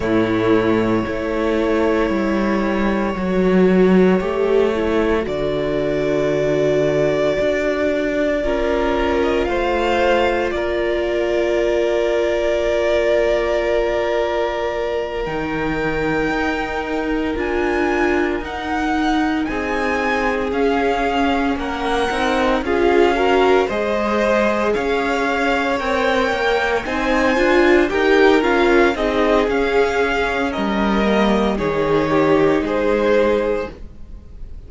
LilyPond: <<
  \new Staff \with { instrumentName = "violin" } { \time 4/4 \tempo 4 = 57 cis''1~ | cis''4 d''2.~ | d''8. dis''16 f''4 d''2~ | d''2~ d''8 g''4.~ |
g''8 gis''4 fis''4 gis''4 f''8~ | f''8 fis''4 f''4 dis''4 f''8~ | f''8 g''4 gis''4 g''8 f''8 dis''8 | f''4 dis''4 cis''4 c''4 | }
  \new Staff \with { instrumentName = "violin" } { \time 4/4 e'4 a'2.~ | a'1 | ais'4 c''4 ais'2~ | ais'1~ |
ais'2~ ais'8 gis'4.~ | gis'8 ais'4 gis'8 ais'8 c''4 cis''8~ | cis''4. c''4 ais'4 gis'8~ | gis'4 ais'4 gis'8 g'8 gis'4 | }
  \new Staff \with { instrumentName = "viola" } { \time 4/4 a4 e'2 fis'4 | g'8 e'8 fis'2. | f'1~ | f'2~ f'8 dis'4.~ |
dis'8 f'4 dis'2 cis'8~ | cis'4 dis'8 f'8 fis'8 gis'4.~ | gis'8 ais'4 dis'8 f'8 g'8 f'8 dis'8 | cis'4. ais8 dis'2 | }
  \new Staff \with { instrumentName = "cello" } { \time 4/4 a,4 a4 g4 fis4 | a4 d2 d'4 | cis'4 a4 ais2~ | ais2~ ais8 dis4 dis'8~ |
dis'8 d'4 dis'4 c'4 cis'8~ | cis'8 ais8 c'8 cis'4 gis4 cis'8~ | cis'8 c'8 ais8 c'8 d'8 dis'8 cis'8 c'8 | cis'4 g4 dis4 gis4 | }
>>